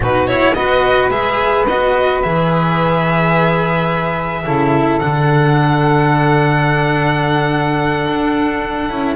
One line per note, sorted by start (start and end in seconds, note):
0.00 0.52 B2
0.00 0.27 D#4
0.00 0.54 F#4
0.00 0.27 B4
0.27 0.55 E4
0.27 0.53 C#5
0.53 1.10 B3
0.53 1.11 F#4
0.53 4.43 B4
0.53 1.09 D#5
1.09 1.65 G#3
1.09 1.66 G#4
1.09 1.65 E5
1.67 2.24 B3
1.67 2.23 F#4
1.67 2.22 D#5
2.22 4.45 E3
2.22 4.45 G#4
2.22 4.98 E5
4.44 5.01 C#3
4.44 5.00 E4
4.44 9.15 A4
4.98 8.07 D3
4.98 8.89 D4
4.98 9.15 F#5
8.08 8.90 D4
8.89 9.15 C#4
8.89 9.15 E4